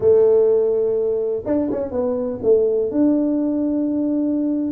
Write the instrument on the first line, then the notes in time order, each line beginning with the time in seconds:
tuba
0.00 A3
1.45 D4
1.71 C#4
1.91 B3
2.42 A3
2.91 D4